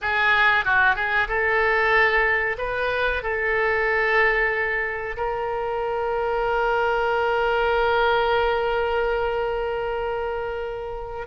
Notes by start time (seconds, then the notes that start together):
0.01 G#4
0.64 F#4
0.95 G#4
1.27 A4
2.58 B4
3.23 A4
5.16 A#4